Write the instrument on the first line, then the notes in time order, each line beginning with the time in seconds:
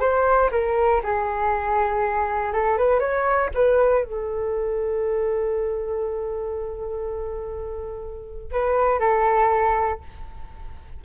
flute
0.00 C5
0.52 A#4
1.03 G#4
2.52 A4
2.77 B4
3.00 C#5
3.54 B4
4.04 A4
8.52 B4
9.00 A4